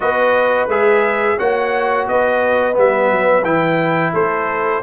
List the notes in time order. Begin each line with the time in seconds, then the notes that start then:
0.00 B3 F#4 B4 D#5
0.67 G#3 G#4 E5
1.37 A#3 F#4 C#5 F#5
2.08 B3 B4 D#5
2.73 G3 B3 E5
3.11 F#3
3.44 E3 E4 G5
4.13 A3 A4 C5